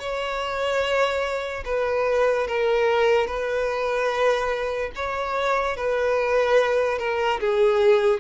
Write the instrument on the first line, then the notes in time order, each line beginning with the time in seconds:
violin
0.00 C#5
1.65 B4
2.47 A#4
3.27 B4
4.96 C#5
5.77 B4
6.99 A#4
7.40 G#4